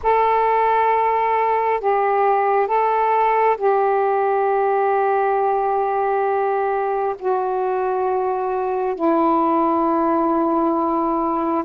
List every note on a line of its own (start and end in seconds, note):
0.02 1.80 A4
1.80 2.67 G4
2.67 3.56 A4
3.57 7.15 G4
7.19 8.95 F#4
8.95 11.64 E4